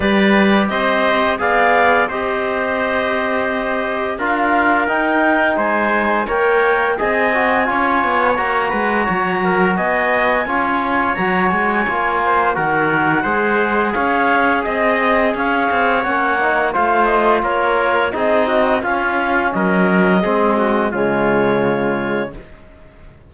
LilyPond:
<<
  \new Staff \with { instrumentName = "clarinet" } { \time 4/4 \tempo 4 = 86 d''4 dis''4 f''4 dis''4~ | dis''2 f''4 g''4 | gis''4 g''4 gis''2 | ais''2 gis''2 |
ais''8 gis''4. fis''2 | f''4 dis''4 f''4 fis''4 | f''8 dis''8 cis''4 dis''4 f''4 | dis''2 cis''2 | }
  \new Staff \with { instrumentName = "trumpet" } { \time 4/4 b'4 c''4 d''4 c''4~ | c''2 ais'2 | c''4 cis''4 dis''4 cis''4~ | cis''8 b'8 cis''8 ais'8 dis''4 cis''4~ |
cis''4. c''8 ais'4 c''4 | cis''4 dis''4 cis''2 | c''4 ais'4 gis'8 fis'8 f'4 | ais'4 gis'8 fis'8 f'2 | }
  \new Staff \with { instrumentName = "trombone" } { \time 4/4 g'2 gis'4 g'4~ | g'2 f'4 dis'4~ | dis'4 ais'4 gis'8 fis'8 f'4 | fis'2. f'4 |
fis'4 f'4 fis'4 gis'4~ | gis'2. cis'8 dis'8 | f'2 dis'4 cis'4~ | cis'4 c'4 gis2 | }
  \new Staff \with { instrumentName = "cello" } { \time 4/4 g4 c'4 b4 c'4~ | c'2 d'4 dis'4 | gis4 ais4 c'4 cis'8 b8 | ais8 gis8 fis4 b4 cis'4 |
fis8 gis8 ais4 dis4 gis4 | cis'4 c'4 cis'8 c'8 ais4 | a4 ais4 c'4 cis'4 | fis4 gis4 cis2 | }
>>